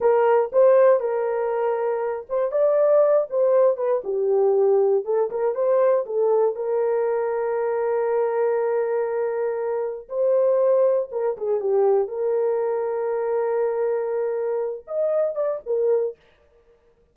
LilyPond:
\new Staff \with { instrumentName = "horn" } { \time 4/4 \tempo 4 = 119 ais'4 c''4 ais'2~ | ais'8 c''8 d''4. c''4 b'8 | g'2 a'8 ais'8 c''4 | a'4 ais'2.~ |
ais'1 | c''2 ais'8 gis'8 g'4 | ais'1~ | ais'4. dis''4 d''8 ais'4 | }